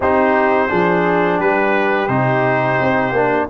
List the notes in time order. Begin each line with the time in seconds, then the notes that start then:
0.00 C4 D#4 G4 C5
0.68 F3 D4 G#4
1.37 G3 G4 B4
2.07 C3 D#4 C5
2.80 C4
3.12 A#3 D4